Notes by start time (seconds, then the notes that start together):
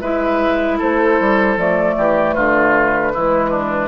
0.00 G#3 E4 B4 E5
0.77 A3 A4 C5
1.20 G3
1.56 F3 A3 D5
1.97 E3 G4
2.33 D3 F4 B4
3.14 E3 G#3 E4
3.50 D4